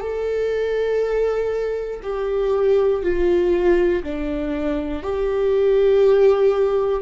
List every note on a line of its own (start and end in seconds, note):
0.00 2.00 A4
2.02 3.02 G4
3.02 4.02 F4
4.03 5.02 D4
5.02 7.02 G4